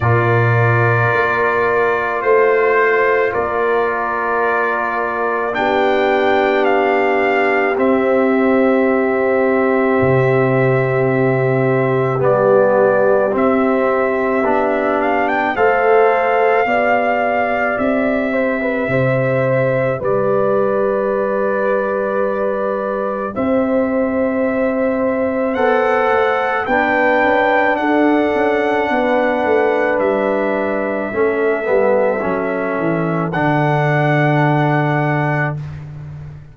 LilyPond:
<<
  \new Staff \with { instrumentName = "trumpet" } { \time 4/4 \tempo 4 = 54 d''2 c''4 d''4~ | d''4 g''4 f''4 e''4~ | e''2. d''4 | e''4. f''16 g''16 f''2 |
e''2 d''2~ | d''4 e''2 fis''4 | g''4 fis''2 e''4~ | e''2 fis''2 | }
  \new Staff \with { instrumentName = "horn" } { \time 4/4 ais'2 c''4 ais'4~ | ais'4 g'2.~ | g'1~ | g'2 c''4 d''4~ |
d''8 c''16 b'16 c''4 b'2~ | b'4 c''2. | b'4 a'4 b'2 | a'1 | }
  \new Staff \with { instrumentName = "trombone" } { \time 4/4 f'1~ | f'4 d'2 c'4~ | c'2. b4 | c'4 d'4 a'4 g'4~ |
g'1~ | g'2. a'4 | d'1 | cis'8 b8 cis'4 d'2 | }
  \new Staff \with { instrumentName = "tuba" } { \time 4/4 ais,4 ais4 a4 ais4~ | ais4 b2 c'4~ | c'4 c2 g4 | c'4 b4 a4 b4 |
c'4 c4 g2~ | g4 c'2 b8 a8 | b8 cis'8 d'8 cis'8 b8 a8 g4 | a8 g8 fis8 e8 d2 | }
>>